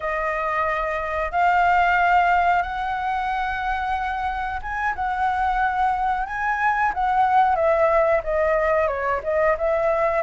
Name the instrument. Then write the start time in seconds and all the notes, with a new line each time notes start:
flute
0.00 D#5
1.31 F5
2.62 F#5
4.62 G#5
4.95 F#5
6.26 G#5
6.94 F#5
7.55 E5
8.23 D#5
8.87 C#5
9.23 D#5
9.58 E5